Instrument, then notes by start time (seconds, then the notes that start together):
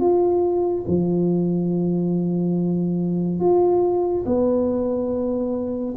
tuba
0.00 F4
0.87 F3
3.40 F4
4.26 B3